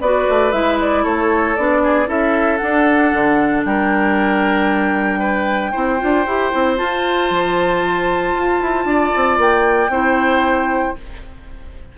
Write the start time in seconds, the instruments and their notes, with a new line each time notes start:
0.00 bassoon B3, clarinet F#4, oboe B4, flute D5
0.29 bassoon A3
0.51 bassoon G#3, clarinet E4, flute E5
0.80 flute D5
1.03 bassoon A3, oboe A4, flute C#5
1.56 bassoon B3, clarinet D4, flute D5
1.83 oboe G#4
2.06 bassoon C#4, clarinet E4, oboe A4, flute E5
2.57 clarinet D4, bassoon D4, flute F#5
3.13 bassoon D3
3.64 bassoon G3, oboe A#4, flute G5
5.19 oboe B4
5.71 bassoon C4, clarinet E4, oboe C5
5.99 bassoon D4, clarinet F4
6.26 bassoon E4, clarinet G4
6.51 bassoon C4, clarinet E4
6.76 clarinet F4, bassoon F4, flute A5
7.30 bassoon F3
8.34 bassoon F4
8.60 bassoon E4
8.85 bassoon D4, oboe D5
9.15 bassoon C4
9.37 bassoon A#3, flute G5
9.89 bassoon C4, clarinet E4, oboe C5